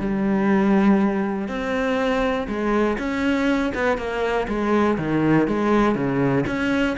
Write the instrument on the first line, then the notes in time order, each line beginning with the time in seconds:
cello
0.00 G3
1.49 C4
2.49 G#3
2.99 C#4
3.75 B3
3.98 A#3
4.48 G#3
4.98 D#3
5.48 G#3
5.96 C#3
6.47 C#4